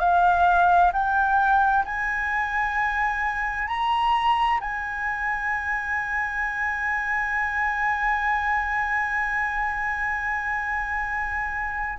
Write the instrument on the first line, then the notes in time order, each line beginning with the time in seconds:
flute
0.00 F5
0.93 G5
1.85 G#5
3.68 A#5
4.61 G#5